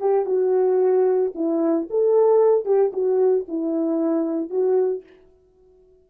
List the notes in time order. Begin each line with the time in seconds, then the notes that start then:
0.00 G4
0.26 F#4
1.35 E4
1.90 A4
2.65 G4
2.93 F#4
3.48 E4
4.50 F#4